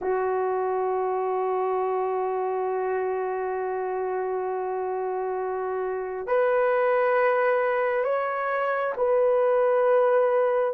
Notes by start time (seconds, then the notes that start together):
0.01 F#4
6.26 B4
8.04 C#5
8.96 B4